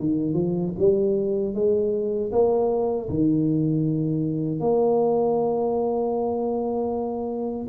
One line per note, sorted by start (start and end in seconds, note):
0.00 0.34 D#3
0.34 0.72 F3
0.79 1.55 G3
1.55 2.31 G#3
2.32 3.09 A#3
3.09 4.60 D#3
4.60 7.68 A#3